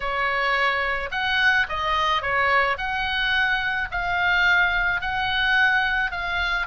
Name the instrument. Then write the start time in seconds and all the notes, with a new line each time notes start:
oboe
0.00 C#5
1.11 F#5
1.68 D#5
2.21 C#5
2.77 F#5
3.91 F5
5.01 F#5
6.11 F5